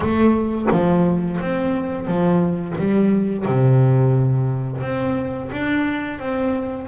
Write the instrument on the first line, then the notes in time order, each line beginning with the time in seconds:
double bass
0.00 A3
0.71 F3
1.40 C4
2.07 F3
2.77 G3
3.45 C3
4.81 C4
5.51 D4
6.19 C4